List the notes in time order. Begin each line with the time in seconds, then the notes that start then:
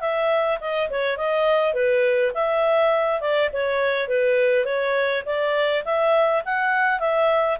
0.00 E5
0.60 D#5
0.90 C#5
1.17 D#5
1.73 B4
2.34 E5
3.20 D5
3.52 C#5
4.08 B4
4.65 C#5
5.25 D5
5.84 E5
6.45 F#5
6.99 E5